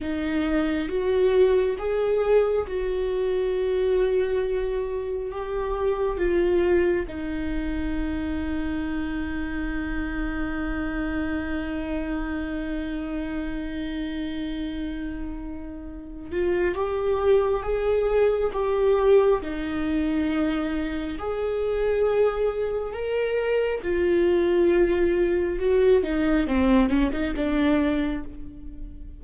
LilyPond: \new Staff \with { instrumentName = "viola" } { \time 4/4 \tempo 4 = 68 dis'4 fis'4 gis'4 fis'4~ | fis'2 g'4 f'4 | dis'1~ | dis'1~ |
dis'2~ dis'8 f'8 g'4 | gis'4 g'4 dis'2 | gis'2 ais'4 f'4~ | f'4 fis'8 dis'8 c'8 cis'16 dis'16 d'4 | }